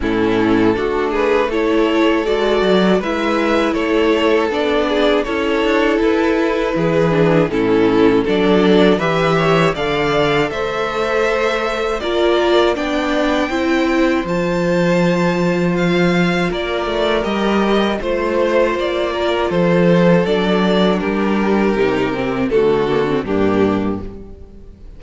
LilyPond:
<<
  \new Staff \with { instrumentName = "violin" } { \time 4/4 \tempo 4 = 80 a'4. b'8 cis''4 d''4 | e''4 cis''4 d''4 cis''4 | b'2 a'4 d''4 | e''4 f''4 e''2 |
d''4 g''2 a''4~ | a''4 f''4 d''4 dis''4 | c''4 d''4 c''4 d''4 | ais'2 a'4 g'4 | }
  \new Staff \with { instrumentName = "violin" } { \time 4/4 e'4 fis'8 gis'8 a'2 | b'4 a'4. gis'8 a'4~ | a'4 gis'4 e'4 a'4 | b'8 cis''8 d''4 c''2 |
ais'4 d''4 c''2~ | c''2 ais'2 | c''4. ais'8 a'2 | g'2 fis'4 d'4 | }
  \new Staff \with { instrumentName = "viola" } { \time 4/4 cis'4 d'4 e'4 fis'4 | e'2 d'4 e'4~ | e'4. d'8 cis'4 d'4 | g'4 a'2. |
f'4 d'4 e'4 f'4~ | f'2. g'4 | f'2. d'4~ | d'4 dis'8 c'8 a8 ais16 c'16 ais4 | }
  \new Staff \with { instrumentName = "cello" } { \time 4/4 a,4 a2 gis8 fis8 | gis4 a4 b4 cis'8 d'8 | e'4 e4 a,4 fis4 | e4 d4 a2 |
ais4 b4 c'4 f4~ | f2 ais8 a8 g4 | a4 ais4 f4 fis4 | g4 c4 d4 g,4 | }
>>